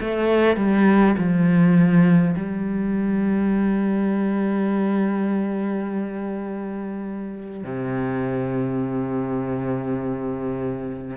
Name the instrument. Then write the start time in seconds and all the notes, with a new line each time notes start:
cello
0.00 A3
0.56 G3
1.18 F3
2.36 G3
7.64 C3